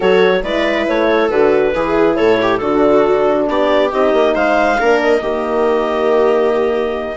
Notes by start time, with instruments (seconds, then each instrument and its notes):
0.00 bassoon F#3, horn F#4, viola A4, clarinet C#5
0.43 bassoon G#3, horn E4, viola B4, clarinet D5
0.87 bassoon A3, clarinet C#5
1.07 viola A4
1.30 bassoon D3, horn F#4, clarinet B4
1.73 bassoon E3, horn E4, viola G#4
2.15 bassoon A2, viola A4, clarinet C#5
2.42 viola G4
2.57 bassoon D3, horn D4, viola F#4, clarinet A4
3.47 bassoon B3, viola G4, clarinet D5
3.90 bassoon C4, horn D#4, clarinet D#5
4.13 bassoon A#3
4.35 bassoon G#3, viola C5, clarinet F5
4.78 bassoon A#3, horn D4, viola A#4
5.01 clarinet D#5
5.20 bassoon D#3, horn A#3, viola G4